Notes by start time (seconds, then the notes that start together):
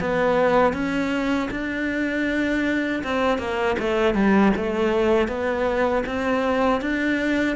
0.00 B3
0.73 C#4
1.51 D4
3.03 C4
3.38 A#3
3.79 A3
4.14 G3
4.56 A3
5.28 B3
6.06 C4
6.81 D4